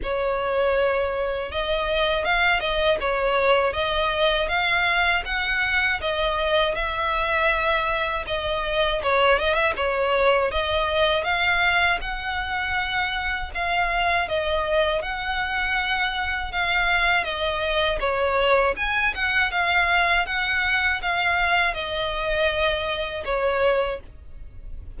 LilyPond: \new Staff \with { instrumentName = "violin" } { \time 4/4 \tempo 4 = 80 cis''2 dis''4 f''8 dis''8 | cis''4 dis''4 f''4 fis''4 | dis''4 e''2 dis''4 | cis''8 dis''16 e''16 cis''4 dis''4 f''4 |
fis''2 f''4 dis''4 | fis''2 f''4 dis''4 | cis''4 gis''8 fis''8 f''4 fis''4 | f''4 dis''2 cis''4 | }